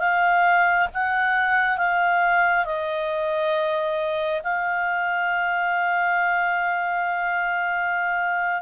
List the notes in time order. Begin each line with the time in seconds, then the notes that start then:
0.00 F5
0.94 F#5
1.78 F5
2.66 D#5
4.44 F5